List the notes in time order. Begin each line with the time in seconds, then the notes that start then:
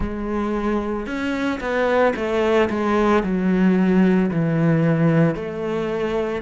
0.00 G#3
1.06 C#4
1.60 B3
2.15 A3
2.69 G#3
3.23 F#3
4.31 E3
5.35 A3